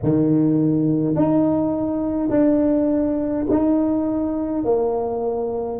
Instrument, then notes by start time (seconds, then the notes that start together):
tuba
0.03 D#3
1.15 D#4
2.30 D4
3.50 D#4
4.64 A#3